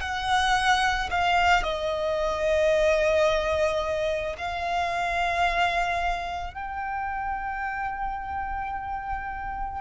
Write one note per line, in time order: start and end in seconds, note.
0.00 1.09 F#5
1.10 1.63 F5
1.63 4.36 D#5
4.37 6.54 F5
6.54 9.81 G5